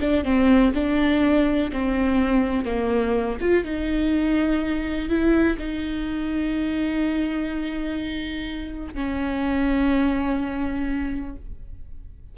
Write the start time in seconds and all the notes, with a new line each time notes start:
0.00 D4
0.24 C4
0.74 D4
1.72 C4
2.65 A#3
3.40 F4
3.64 D#4
5.09 E4
5.58 D#4
8.94 C#4